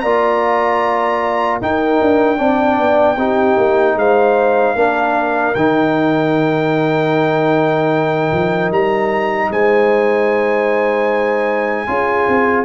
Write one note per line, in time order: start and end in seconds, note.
0.00 1.61 A#3
0.00 1.62 F4
0.00 1.61 D5
0.00 1.58 A#5
1.61 2.01 D#4
1.61 2.37 D#4
1.61 2.38 A#4
1.61 3.99 G5
2.02 2.39 D4
2.37 2.79 C4
2.37 3.16 D4
2.37 3.17 D5
2.79 3.17 B3
3.17 3.57 C4
3.17 4.77 D#4
3.17 3.97 G4
3.58 3.96 A#3
3.96 4.75 G#3
3.96 4.76 C5
3.96 5.55 F5
4.76 5.55 A#3
4.76 5.56 D4
4.76 9.50 A#4
5.55 8.32 D#3
5.55 11.87 D#4
5.55 8.71 G5
8.33 8.71 F3
8.71 9.50 G3
8.71 9.52 A#5
9.51 11.87 G#3
9.51 11.89 C5
9.51 12.66 G#5
11.87 12.28 C#4
11.87 12.66 F4
11.87 12.66 G#4
12.28 12.66 C4